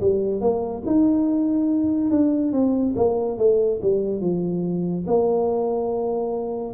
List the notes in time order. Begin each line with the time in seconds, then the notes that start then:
0.00 G3
0.40 A#3
0.86 D#4
2.10 D4
2.52 C4
2.96 A#3
3.38 A3
3.82 G3
4.21 F3
5.07 A#3